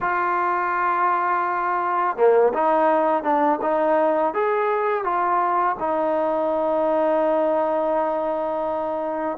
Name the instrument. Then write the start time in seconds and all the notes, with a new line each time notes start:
trombone
0.00 F4
2.16 A#3
2.53 D#4
3.23 D4
3.61 D#4
4.34 G#4
5.03 F4
5.79 D#4